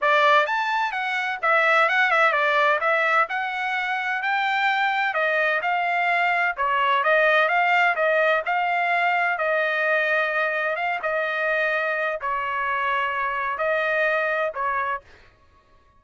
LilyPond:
\new Staff \with { instrumentName = "trumpet" } { \time 4/4 \tempo 4 = 128 d''4 a''4 fis''4 e''4 | fis''8 e''8 d''4 e''4 fis''4~ | fis''4 g''2 dis''4 | f''2 cis''4 dis''4 |
f''4 dis''4 f''2 | dis''2. f''8 dis''8~ | dis''2 cis''2~ | cis''4 dis''2 cis''4 | }